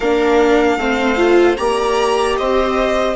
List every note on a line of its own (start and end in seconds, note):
0.00 0.77 A#3
0.00 0.79 D4
0.00 0.77 A#4
0.00 1.56 F5
0.77 1.56 A3
0.77 1.16 C4
0.77 1.58 C5
1.16 1.55 F4
1.56 2.38 A#3
1.56 3.15 G4
1.56 2.37 D5
1.56 2.35 A#5
2.37 3.15 C4
2.37 3.15 C5
2.37 3.15 D#5